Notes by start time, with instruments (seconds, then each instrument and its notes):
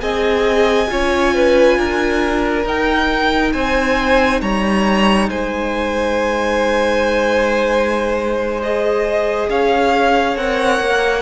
0.00 cello C4, viola G#4, violin D#5 G#5
0.87 cello C#4, viola F4, violin C#5
1.34 violin B4
1.78 cello D4, violin A#4
2.65 cello D#4, viola D#4, violin G5
3.53 cello C4, violin C5 G#5
4.41 cello G3, violin C#5 A#5
5.30 cello G#3, violin C5 G#5
8.60 viola G#4, violin D#5
9.49 cello C#4, violin C#5 F5
10.36 cello C4, viola A#4, violin F#5
10.80 cello A#3